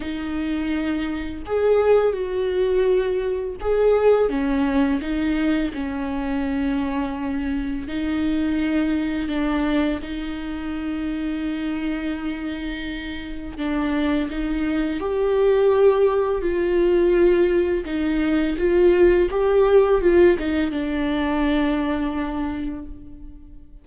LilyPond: \new Staff \with { instrumentName = "viola" } { \time 4/4 \tempo 4 = 84 dis'2 gis'4 fis'4~ | fis'4 gis'4 cis'4 dis'4 | cis'2. dis'4~ | dis'4 d'4 dis'2~ |
dis'2. d'4 | dis'4 g'2 f'4~ | f'4 dis'4 f'4 g'4 | f'8 dis'8 d'2. | }